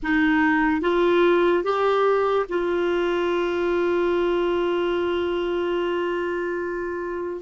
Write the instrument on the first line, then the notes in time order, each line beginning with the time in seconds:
clarinet
0.03 D#4
0.81 F4
1.63 G4
2.48 F4